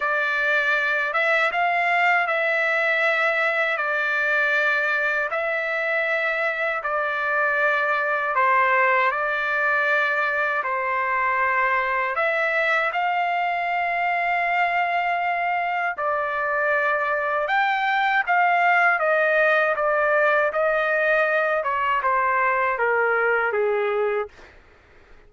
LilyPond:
\new Staff \with { instrumentName = "trumpet" } { \time 4/4 \tempo 4 = 79 d''4. e''8 f''4 e''4~ | e''4 d''2 e''4~ | e''4 d''2 c''4 | d''2 c''2 |
e''4 f''2.~ | f''4 d''2 g''4 | f''4 dis''4 d''4 dis''4~ | dis''8 cis''8 c''4 ais'4 gis'4 | }